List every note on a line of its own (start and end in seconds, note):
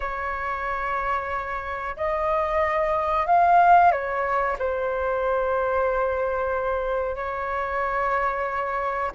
0.00 1.96 C#5
1.96 3.26 D#5
3.26 3.91 F5
3.91 4.57 C#5
4.58 7.15 C5
7.15 9.11 C#5